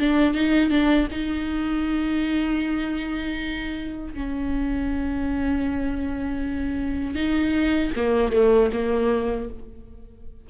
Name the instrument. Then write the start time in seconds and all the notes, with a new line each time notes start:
viola
0.00 D4
0.34 D#4
0.71 D4
1.12 D#4
4.15 C#4
7.16 D#4
7.96 A#3
8.33 A3
8.73 A#3